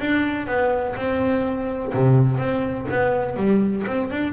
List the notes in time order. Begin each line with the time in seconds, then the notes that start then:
0.00 D4
0.47 B3
0.97 C4
1.94 C3
2.39 C4
2.91 B3
3.37 G3
3.87 C4
4.11 D4